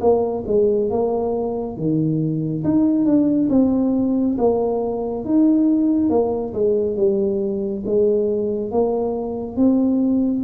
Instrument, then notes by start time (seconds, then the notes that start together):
tuba
0.00 A#3
0.47 G#3
0.90 A#3
1.76 D#3
2.64 D#4
3.05 D4
3.49 C4
4.38 A#3
5.25 D#4
6.09 A#3
6.53 G#3
6.96 G3
7.86 G#3
8.71 A#3
9.56 C4